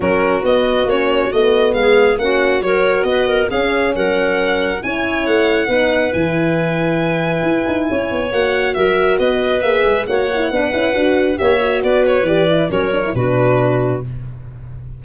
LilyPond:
<<
  \new Staff \with { instrumentName = "violin" } { \time 4/4 \tempo 4 = 137 ais'4 dis''4 cis''4 dis''4 | f''4 fis''4 cis''4 dis''4 | f''4 fis''2 gis''4 | fis''2 gis''2~ |
gis''2. fis''4 | e''4 dis''4 e''4 fis''4~ | fis''2 e''4 d''8 cis''8 | d''4 cis''4 b'2 | }
  \new Staff \with { instrumentName = "clarinet" } { \time 4/4 fis'1 | gis'4 fis'4 ais'4 b'8 ais'8 | gis'4 ais'2 cis''4~ | cis''4 b'2.~ |
b'2 cis''2 | ais'4 b'2 cis''4 | b'2 cis''4 b'4~ | b'4 ais'4 fis'2 | }
  \new Staff \with { instrumentName = "horn" } { \time 4/4 cis'4 b4 cis'4 b4~ | b4 cis'4 fis'2 | cis'2. e'4~ | e'4 dis'4 e'2~ |
e'2. fis'4~ | fis'2 gis'4 fis'8 e'8 | d'8 e'8 fis'4 g'8 fis'4. | g'8 e'8 cis'8 d'16 e'16 d'2 | }
  \new Staff \with { instrumentName = "tuba" } { \time 4/4 fis4 b4 ais4 a4 | gis4 ais4 fis4 b4 | cis'4 fis2 cis'4 | a4 b4 e2~ |
e4 e'8 dis'8 cis'8 b8 ais4 | fis4 b4 ais8 gis8 ais4 | b8 cis'8 d'4 ais4 b4 | e4 fis4 b,2 | }
>>